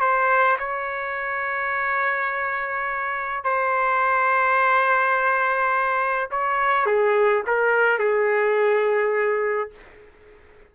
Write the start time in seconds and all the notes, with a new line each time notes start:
0.00 C5
0.59 C#5
3.44 C5
6.30 C#5
6.85 G#4
7.46 A#4
7.98 G#4